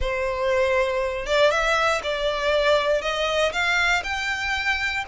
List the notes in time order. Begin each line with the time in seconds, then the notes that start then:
0.00 C5
1.26 D5
1.50 E5
2.03 D5
3.01 D#5
3.52 F5
4.03 G5